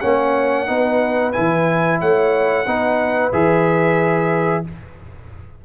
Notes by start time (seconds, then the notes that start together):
0.00 A#3 C#4 C#5 F#5
0.66 B3 D#4 B4
1.32 E3 E4 G#5
2.00 A3 C#5 F#5
2.66 B3 D#4 B4
3.32 E3 G#4 E5